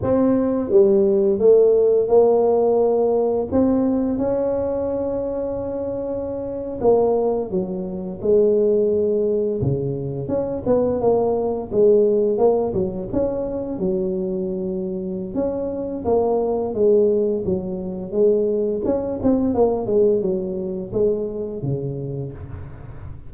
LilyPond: \new Staff \with { instrumentName = "tuba" } { \time 4/4 \tempo 4 = 86 c'4 g4 a4 ais4~ | ais4 c'4 cis'2~ | cis'4.~ cis'16 ais4 fis4 gis16~ | gis4.~ gis16 cis4 cis'8 b8 ais16~ |
ais8. gis4 ais8 fis8 cis'4 fis16~ | fis2 cis'4 ais4 | gis4 fis4 gis4 cis'8 c'8 | ais8 gis8 fis4 gis4 cis4 | }